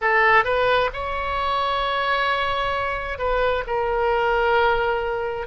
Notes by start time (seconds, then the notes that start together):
0.01 A4
0.44 B4
0.93 C#5
3.18 B4
3.66 A#4